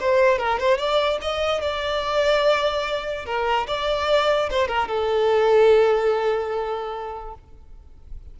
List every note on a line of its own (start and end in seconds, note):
0.00 0.39 C5
0.39 0.59 A#4
0.59 0.78 C5
0.78 1.19 D5
1.21 1.61 D#5
1.61 3.26 D5
3.26 3.67 A#4
3.67 4.49 D5
4.50 4.68 C5
4.68 4.88 A#4
4.88 7.34 A4